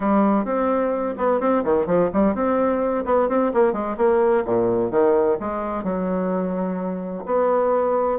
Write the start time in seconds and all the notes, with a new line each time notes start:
0.00 G3
0.45 C4
1.17 B3
1.40 C4
1.63 D#3
1.86 F3
2.13 G3
2.34 C4
3.05 B3
3.28 C4
3.53 A#3
3.73 G#3
3.97 A#3
4.45 A#2
4.90 D#3
5.40 G#3
5.83 F#3
7.25 B3